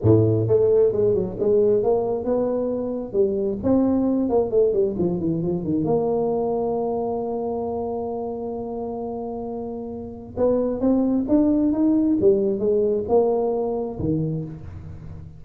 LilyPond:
\new Staff \with { instrumentName = "tuba" } { \time 4/4 \tempo 4 = 133 a,4 a4 gis8 fis8 gis4 | ais4 b2 g4 | c'4. ais8 a8 g8 f8 e8 | f8 dis8 ais2.~ |
ais1~ | ais2. b4 | c'4 d'4 dis'4 g4 | gis4 ais2 dis4 | }